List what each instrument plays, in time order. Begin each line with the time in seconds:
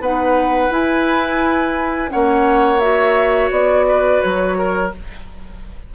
0.00 bassoon B3, clarinet D#4, oboe B4, flute F#5
0.70 clarinet E4, bassoon E4, flute G#5
2.09 bassoon A#3, clarinet C#4, oboe C#5, flute F#5
2.80 clarinet F#4, flute E5
3.51 bassoon B3, flute D5
3.88 oboe B4
4.22 bassoon F#3, flute C#5
4.58 oboe A#4